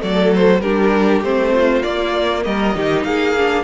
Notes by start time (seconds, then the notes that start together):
0.00 F#3 A3 A4 D5
0.35 C5
0.61 G3 D4 G4 A#4
1.21 A3 C4 C5
1.54 F4
1.83 A#3 D5
2.44 G3 A#4 D#5
2.75 D#3 D#4 G4
3.04 A#3 G#4 F5
3.38 D4